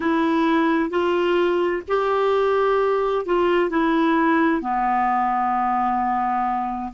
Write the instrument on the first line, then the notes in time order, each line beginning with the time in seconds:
clarinet
0.00 E4
0.90 F4
1.88 G4
3.26 F4
3.69 E4
4.61 B3